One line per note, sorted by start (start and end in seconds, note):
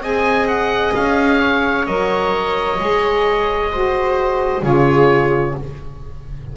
0.00 0.92 C4
0.00 1.87 G#4
0.00 1.40 D#5
0.00 0.48 G#5
0.48 0.94 F#5
0.95 1.87 C#4
0.95 1.86 F5
1.40 3.71 C#5
1.86 2.79 F#3
1.86 2.79 A#4
1.86 4.63 D#5
2.79 4.62 G#3
2.79 3.71 G#4
3.72 4.62 F#4
3.72 4.63 C5
4.62 5.55 C#3
4.62 5.55 F4
4.62 5.56 G#4
4.62 5.56 C#5